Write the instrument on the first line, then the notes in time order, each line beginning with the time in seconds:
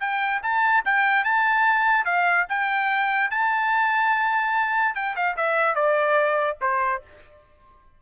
trumpet
0.00 G5
0.42 A5
0.85 G5
1.24 A5
2.05 F5
2.48 G5
3.30 A5
4.95 G5
5.15 F5
5.36 E5
5.75 D5
6.61 C5